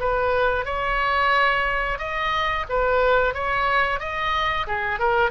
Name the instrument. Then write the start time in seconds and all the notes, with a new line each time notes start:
oboe
0.00 B4
0.66 C#5
1.99 D#5
2.69 B4
3.35 C#5
4.00 D#5
4.68 G#4
5.00 A#4